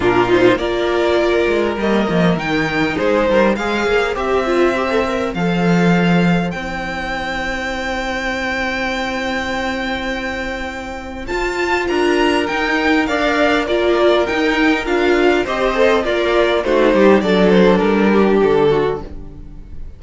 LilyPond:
<<
  \new Staff \with { instrumentName = "violin" } { \time 4/4 \tempo 4 = 101 ais'8 c''8 d''2 dis''4 | g''4 c''4 f''4 e''4~ | e''4 f''2 g''4~ | g''1~ |
g''2. a''4 | ais''4 g''4 f''4 d''4 | g''4 f''4 dis''4 d''4 | c''4 d''8 c''8 ais'4 a'4 | }
  \new Staff \with { instrumentName = "violin" } { \time 4/4 f'4 ais'2.~ | ais'4 gis'8 ais'8 c''2~ | c''1~ | c''1~ |
c''1 | ais'2 d''4 ais'4~ | ais'2 c''4 f'4 | fis'8 g'8 a'4. g'4 fis'8 | }
  \new Staff \with { instrumentName = "viola" } { \time 4/4 d'8 dis'8 f'2 ais4 | dis'2 gis'4 g'8 f'8 | g'16 a'16 ais'8 a'2 e'4~ | e'1~ |
e'2. f'4~ | f'4 dis'4 ais'4 f'4 | dis'4 f'4 g'8 a'8 ais'4 | dis'4 d'2. | }
  \new Staff \with { instrumentName = "cello" } { \time 4/4 ais,4 ais4. gis8 g8 f8 | dis4 gis8 g8 gis8 ais8 c'4~ | c'4 f2 c'4~ | c'1~ |
c'2. f'4 | d'4 dis'4 d'4 ais4 | dis'4 d'4 c'4 ais4 | a8 g8 fis4 g4 d4 | }
>>